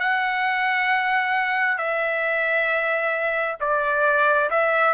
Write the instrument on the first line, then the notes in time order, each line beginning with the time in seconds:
trumpet
0.00 F#5
1.78 E5
3.61 D5
4.51 E5